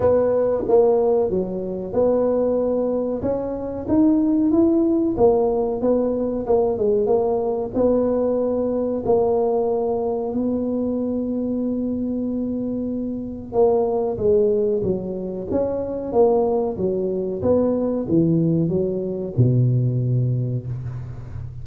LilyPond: \new Staff \with { instrumentName = "tuba" } { \time 4/4 \tempo 4 = 93 b4 ais4 fis4 b4~ | b4 cis'4 dis'4 e'4 | ais4 b4 ais8 gis8 ais4 | b2 ais2 |
b1~ | b4 ais4 gis4 fis4 | cis'4 ais4 fis4 b4 | e4 fis4 b,2 | }